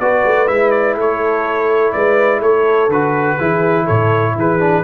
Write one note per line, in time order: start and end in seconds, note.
0.00 0.24 B3
0.00 0.47 F#4
0.00 0.99 B4
0.00 0.48 D5
0.26 0.49 A3
0.47 0.96 G#3
0.47 2.89 E4
0.47 0.71 E5
0.71 0.95 D5
0.96 1.93 A3
0.96 1.95 A4
0.96 1.93 C#5
1.93 2.42 G#3
1.93 2.40 B4
1.93 2.41 D5
2.40 2.89 A3
2.40 3.36 A4
2.40 2.91 C#5
2.89 3.37 D3
2.89 3.40 F#4
2.89 3.87 B4
3.38 3.89 E3
3.38 4.60 E4
3.38 3.85 G#4
3.85 4.36 A2
3.85 4.33 A4
3.85 4.36 C#5
4.36 4.84 E3
4.36 4.84 G#4
4.36 4.84 B4
4.60 4.84 D4